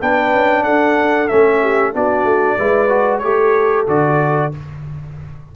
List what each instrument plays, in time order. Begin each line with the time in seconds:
0.00 tuba B3, trombone D4, horn B4, trumpet G5
0.33 tuba C#4
0.64 tuba D4, horn A4, trumpet F#5
1.28 tuba A3, trombone C#4, trumpet E5
1.62 horn G4
1.94 tuba B3, trombone D4, horn F#4, trumpet D5
2.24 tuba A3
2.58 tuba G#3, trombone E4, horn B4
2.89 trombone F#4
3.19 tuba A3, trombone G4, trumpet C#5
3.27 horn A4
3.87 tuba D3, trombone F#4, trumpet D5